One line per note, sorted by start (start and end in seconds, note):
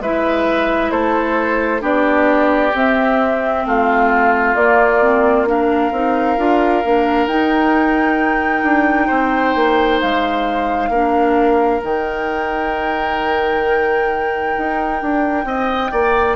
0.00 0.91 G#3
0.00 1.81 E4
0.00 0.92 B4
0.00 0.91 E5
0.91 1.82 A3
0.91 1.82 A4
0.91 1.82 C5
1.81 2.73 B3
1.81 2.72 D4
1.81 3.64 G4
1.81 2.76 D5
2.74 3.65 C4
2.74 4.57 C4
2.74 3.67 E5
3.66 4.55 A3
3.66 5.49 F4
3.66 4.55 F5
4.55 5.92 A#3
4.55 5.02 A#3
4.55 5.46 D5
5.02 5.47 C4
5.47 5.92 D4
5.47 9.07 A#4
5.47 7.27 F5
5.92 6.37 C4
5.92 6.38 D#4
6.38 6.84 D4
6.38 6.83 F4
6.85 7.27 A#3
6.85 7.29 D4
7.27 8.63 D#4
7.27 10.92 D#4
7.27 10.00 G5
8.63 9.09 D4
9.07 9.55 C4
9.07 10.89 C5
9.55 10.01 A#3
10.01 10.90 G#3
10.01 11.83 F5
10.90 11.80 A#3
10.90 11.81 D4
10.90 15.45 A#4
11.81 14.57 D#3
11.81 16.36 D#4
11.81 16.36 G5
14.58 15.02 D#4
15.02 15.45 D4
15.45 15.90 C4
15.45 15.92 D#5
15.92 16.36 A#3
15.92 16.36 D5